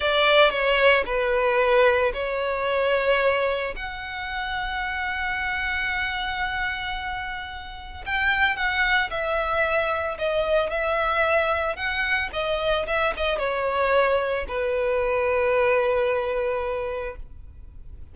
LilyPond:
\new Staff \with { instrumentName = "violin" } { \time 4/4 \tempo 4 = 112 d''4 cis''4 b'2 | cis''2. fis''4~ | fis''1~ | fis''2. g''4 |
fis''4 e''2 dis''4 | e''2 fis''4 dis''4 | e''8 dis''8 cis''2 b'4~ | b'1 | }